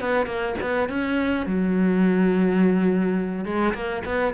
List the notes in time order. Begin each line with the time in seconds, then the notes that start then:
0.00 B3
0.26 A#3
0.61 B3
0.89 C#4
1.46 F#3
3.45 G#3
3.74 A#3
4.05 B3